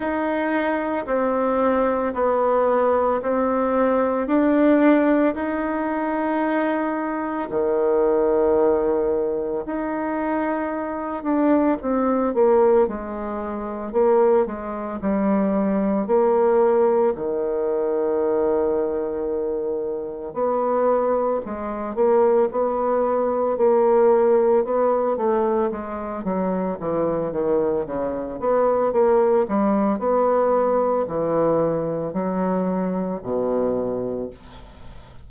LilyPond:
\new Staff \with { instrumentName = "bassoon" } { \time 4/4 \tempo 4 = 56 dis'4 c'4 b4 c'4 | d'4 dis'2 dis4~ | dis4 dis'4. d'8 c'8 ais8 | gis4 ais8 gis8 g4 ais4 |
dis2. b4 | gis8 ais8 b4 ais4 b8 a8 | gis8 fis8 e8 dis8 cis8 b8 ais8 g8 | b4 e4 fis4 b,4 | }